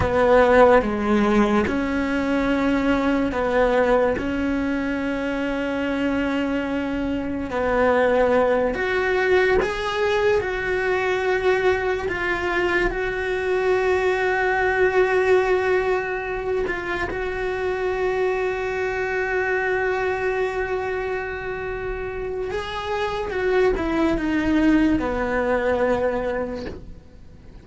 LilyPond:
\new Staff \with { instrumentName = "cello" } { \time 4/4 \tempo 4 = 72 b4 gis4 cis'2 | b4 cis'2.~ | cis'4 b4. fis'4 gis'8~ | gis'8 fis'2 f'4 fis'8~ |
fis'1 | f'8 fis'2.~ fis'8~ | fis'2. gis'4 | fis'8 e'8 dis'4 b2 | }